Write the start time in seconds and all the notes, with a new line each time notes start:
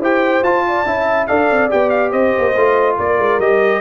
0.00 E4 G4 C5 G5
0.43 F4 A5
0.68 D5
0.86 C#4 E4 E5
1.27 D4 A4 D5 F5
1.51 C4
1.70 B3 G4 G5
1.90 F5
2.11 C4 C5 D#5
2.38 A#3
2.56 A3 F4
2.98 A#3 A#4 D5
3.18 G#3
3.39 G3 G4 D#5